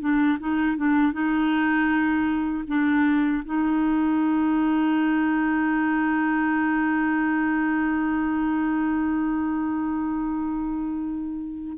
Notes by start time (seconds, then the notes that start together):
0.00 D4
0.39 D#4
0.77 D4
1.12 D#4
2.67 D4
3.45 D#4